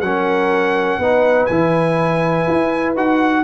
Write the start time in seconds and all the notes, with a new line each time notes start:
0.00 F#3 C#4 A#4 F#5
0.98 B3 D#4 B4
1.46 E3 E4 G#5
2.48 E4
2.95 D#4 F#4 F#5